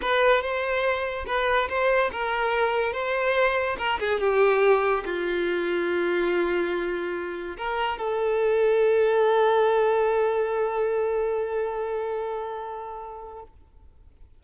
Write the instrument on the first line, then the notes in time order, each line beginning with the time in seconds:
violin
0.01 B4
0.41 C5
1.26 B4
1.68 C5
2.12 A#4
2.92 C5
3.78 A#4
3.99 G#4
4.20 G4
5.05 F4
7.57 A#4
7.98 A4